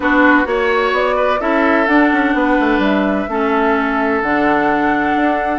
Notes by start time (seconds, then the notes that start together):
0.00 B3 D4 F#4 B4
0.44 A#3 F#4 C#5
0.91 B3 D5
1.16 B4
1.40 C#4 E4 A4 E5
1.86 D4 F#5
2.12 C#4
2.34 B3 B4
2.59 A3
2.78 G3 E5
3.28 A3 C#4 A4
4.22 D3 D4 F#5
5.15 D4